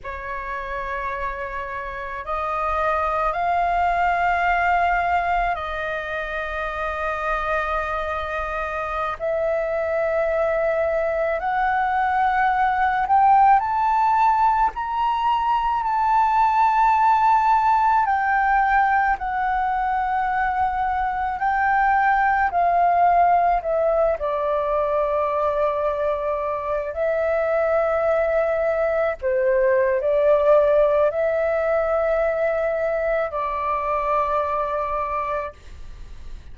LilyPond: \new Staff \with { instrumentName = "flute" } { \time 4/4 \tempo 4 = 54 cis''2 dis''4 f''4~ | f''4 dis''2.~ | dis''16 e''2 fis''4. g''16~ | g''16 a''4 ais''4 a''4.~ a''16~ |
a''16 g''4 fis''2 g''8.~ | g''16 f''4 e''8 d''2~ d''16~ | d''16 e''2 c''8. d''4 | e''2 d''2 | }